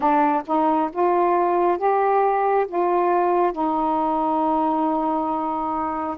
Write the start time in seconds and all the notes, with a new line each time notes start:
0.00 D4
0.46 D#4
0.92 F4
1.78 G4
2.67 F4
3.52 D#4